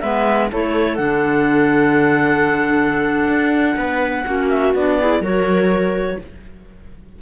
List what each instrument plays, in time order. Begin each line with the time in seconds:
0.00 cello G#3, clarinet B3 E5, viola B4
0.51 cello A3, clarinet E4 C#5, viola A4
0.96 cello D3, clarinet D4 F#5
3.28 cello D4
3.77 cello B3, viola B4
4.26 cello A#3, clarinet C#4, viola F#4
4.50 clarinet E5
4.75 cello B3, clarinet D4 D5
5.00 clarinet E4, viola G#4
5.20 cello F#3, clarinet F#4 C#5, viola A#4